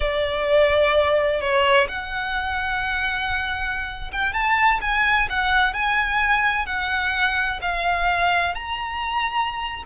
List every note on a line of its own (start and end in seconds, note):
0.00 1.40 D5
1.40 1.87 C#5
1.88 4.11 F#5
4.12 4.33 G5
4.33 4.80 A5
4.81 5.28 G#5
5.29 5.73 F#5
5.73 6.66 G#5
6.66 7.59 F#5
7.61 8.54 F5
8.54 9.83 A#5